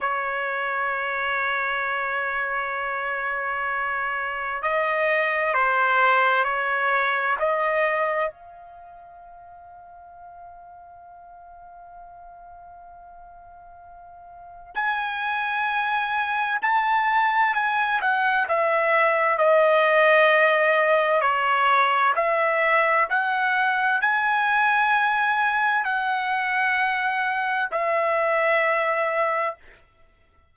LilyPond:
\new Staff \with { instrumentName = "trumpet" } { \time 4/4 \tempo 4 = 65 cis''1~ | cis''4 dis''4 c''4 cis''4 | dis''4 f''2.~ | f''1 |
gis''2 a''4 gis''8 fis''8 | e''4 dis''2 cis''4 | e''4 fis''4 gis''2 | fis''2 e''2 | }